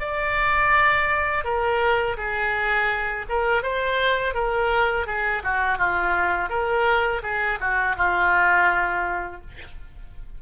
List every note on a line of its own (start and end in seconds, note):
0.00 1.45 D5
1.45 2.17 A#4
2.17 3.26 G#4
3.29 3.63 A#4
3.63 4.35 C5
4.35 5.07 A#4
5.07 5.43 G#4
5.43 5.79 F#4
5.79 6.50 F4
6.50 7.22 A#4
7.23 7.59 G#4
7.60 7.96 F#4
7.97 9.41 F4